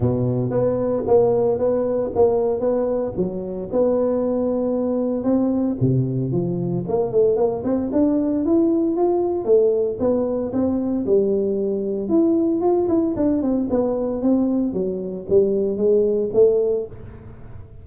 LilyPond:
\new Staff \with { instrumentName = "tuba" } { \time 4/4 \tempo 4 = 114 b,4 b4 ais4 b4 | ais4 b4 fis4 b4~ | b2 c'4 c4 | f4 ais8 a8 ais8 c'8 d'4 |
e'4 f'4 a4 b4 | c'4 g2 e'4 | f'8 e'8 d'8 c'8 b4 c'4 | fis4 g4 gis4 a4 | }